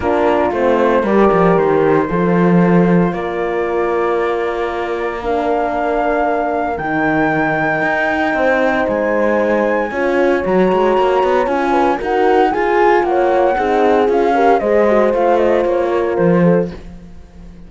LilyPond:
<<
  \new Staff \with { instrumentName = "flute" } { \time 4/4 \tempo 4 = 115 ais'4 c''4 d''4 c''4~ | c''2 d''2~ | d''2 f''2~ | f''4 g''2.~ |
g''4 gis''2. | ais''2 gis''4 fis''4 | gis''4 fis''2 f''4 | dis''4 f''8 dis''8 cis''4 c''4 | }
  \new Staff \with { instrumentName = "horn" } { \time 4/4 f'2 ais'2 | a'2 ais'2~ | ais'1~ | ais'1 |
c''2. cis''4~ | cis''2~ cis''8 b'8 ais'4 | gis'4 cis''4 gis'4. ais'8 | c''2~ c''8 ais'4 a'8 | }
  \new Staff \with { instrumentName = "horn" } { \time 4/4 d'4 c'4 g'2 | f'1~ | f'2 d'2~ | d'4 dis'2.~ |
dis'2. f'4 | fis'2 f'4 fis'4 | f'2 dis'4 f'8 g'8 | gis'8 fis'8 f'2. | }
  \new Staff \with { instrumentName = "cello" } { \time 4/4 ais4 a4 g8 f8 dis4 | f2 ais2~ | ais1~ | ais4 dis2 dis'4 |
c'4 gis2 cis'4 | fis8 gis8 ais8 b8 cis'4 dis'4 | f'4 ais4 c'4 cis'4 | gis4 a4 ais4 f4 | }
>>